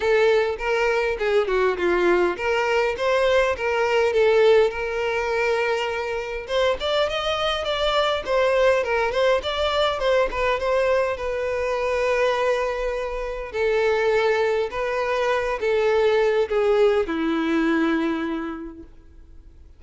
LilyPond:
\new Staff \with { instrumentName = "violin" } { \time 4/4 \tempo 4 = 102 a'4 ais'4 gis'8 fis'8 f'4 | ais'4 c''4 ais'4 a'4 | ais'2. c''8 d''8 | dis''4 d''4 c''4 ais'8 c''8 |
d''4 c''8 b'8 c''4 b'4~ | b'2. a'4~ | a'4 b'4. a'4. | gis'4 e'2. | }